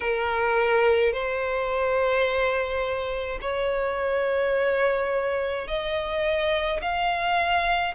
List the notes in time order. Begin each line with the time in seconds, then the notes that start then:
0.00 A#4
1.13 C5
3.41 C#5
5.67 D#5
6.81 F5